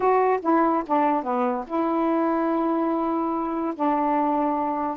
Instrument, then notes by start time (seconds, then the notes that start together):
saxophone
0.00 F#4
0.42 E4
0.86 D4
1.23 B3
1.67 E4
3.75 D4